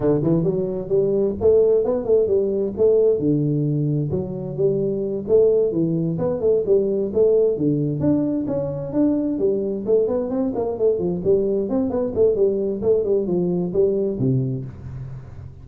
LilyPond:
\new Staff \with { instrumentName = "tuba" } { \time 4/4 \tempo 4 = 131 d8 e8 fis4 g4 a4 | b8 a8 g4 a4 d4~ | d4 fis4 g4. a8~ | a8 e4 b8 a8 g4 a8~ |
a8 d4 d'4 cis'4 d'8~ | d'8 g4 a8 b8 c'8 ais8 a8 | f8 g4 c'8 b8 a8 g4 | a8 g8 f4 g4 c4 | }